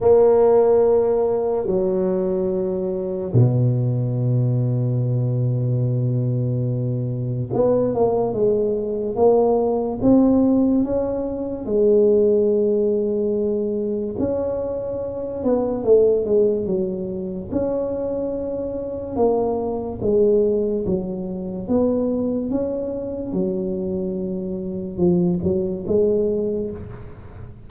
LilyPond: \new Staff \with { instrumentName = "tuba" } { \time 4/4 \tempo 4 = 72 ais2 fis2 | b,1~ | b,4 b8 ais8 gis4 ais4 | c'4 cis'4 gis2~ |
gis4 cis'4. b8 a8 gis8 | fis4 cis'2 ais4 | gis4 fis4 b4 cis'4 | fis2 f8 fis8 gis4 | }